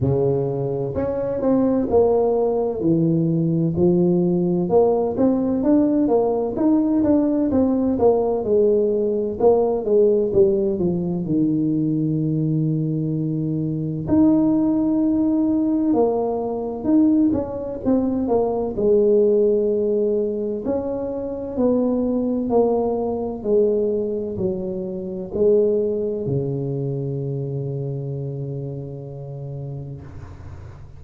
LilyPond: \new Staff \with { instrumentName = "tuba" } { \time 4/4 \tempo 4 = 64 cis4 cis'8 c'8 ais4 e4 | f4 ais8 c'8 d'8 ais8 dis'8 d'8 | c'8 ais8 gis4 ais8 gis8 g8 f8 | dis2. dis'4~ |
dis'4 ais4 dis'8 cis'8 c'8 ais8 | gis2 cis'4 b4 | ais4 gis4 fis4 gis4 | cis1 | }